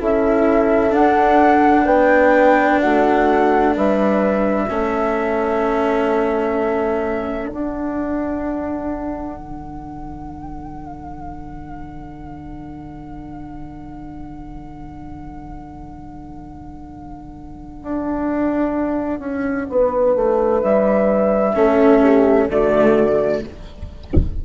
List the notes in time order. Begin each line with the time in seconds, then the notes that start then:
0.00 C#4 E4 A4 E5
0.90 D4 F#5
1.85 B3 B4 G5
2.81 A3 F#4 F#5
3.76 G3 B4 E5
4.67 A3 C#4 A4
7.49 D4 F#5
9.39 D3
17.83 D4
19.20 C#4
19.70 B3 B4
20.16 A3
20.63 G3 E5
21.55 A3 C#4 A4
22.03 G4
22.49 D3 A3 F#4 D5